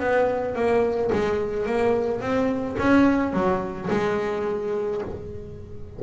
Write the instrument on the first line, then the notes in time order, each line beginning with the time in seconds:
double bass
0.00 B3
0.56 A#3
1.13 G#3
1.66 A#3
2.21 C4
2.79 C#4
3.34 F#3
3.91 G#3